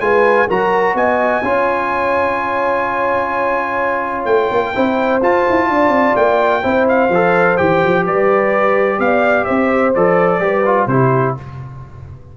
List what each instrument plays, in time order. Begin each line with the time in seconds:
0.00 tuba G#3, trombone F4, horn B4, trumpet G#5
0.47 tuba F#3, trombone F#4, horn A#4, trumpet A#5
0.94 tuba B3, horn D#5, trumpet G#5
1.42 tuba C#4, trombone F4, horn C#5
4.25 tuba A3, trumpet G5
4.50 tuba A#3
4.73 tuba C4, trombone E4, horn C5
5.21 tuba F4, trombone F4, trumpet A5
5.49 tuba E4
5.69 tuba D4, horn D5
5.88 tuba C4
6.16 tuba A#3, trumpet G5
6.62 tuba C4, trombone E4, horn C5
6.88 trumpet F5
7.09 tuba F3, trombone A4
7.57 tuba E3, trombone G4, trumpet G5
7.83 tuba F3
8.04 tuba G3, horn B4, trumpet D5
8.99 tuba B3, horn D5, trumpet F5
9.44 tuba C4, horn C5, trumpet E5
9.95 tuba F3, trombone A4, trumpet D5
10.39 tuba G3, trombone G4, horn B4
10.65 trombone F4
10.87 tuba C3, trombone E4, horn G4, trumpet C5